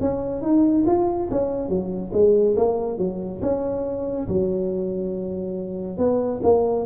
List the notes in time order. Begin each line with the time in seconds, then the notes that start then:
0.00 C#4
0.42 D#4
0.86 F4
1.31 C#4
1.69 F#3
2.12 G#3
2.56 A#3
2.98 F#3
3.42 C#4
4.28 F#3
5.98 B3
6.43 A#3